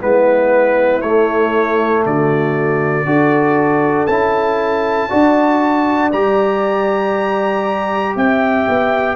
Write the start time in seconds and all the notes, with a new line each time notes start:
0.00 G#3 B3 E4 B4
1.01 A3 C#5
2.05 D3 F#4 D5
3.05 D4 F#4 A4
4.06 C#4 E4 A5
5.09 D4 F#4 D5
6.12 G3 G4 A#5
8.15 C4 E5 G5
8.68 B3